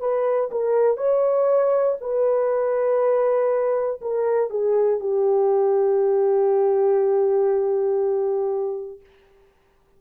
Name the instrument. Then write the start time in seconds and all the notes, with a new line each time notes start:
horn
0.00 B4
0.50 A#4
0.97 C#5
2.00 B4
4.01 A#4
4.50 G#4
5.00 G4